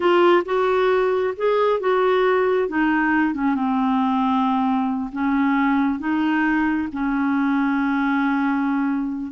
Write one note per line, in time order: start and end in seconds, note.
0.00 0.43 F4
0.45 1.34 F#4
1.36 1.80 G#4
1.80 2.68 F#4
2.68 3.34 D#4
3.34 3.54 C#4
3.54 5.10 C4
5.12 5.99 C#4
5.99 6.88 D#4
6.92 9.32 C#4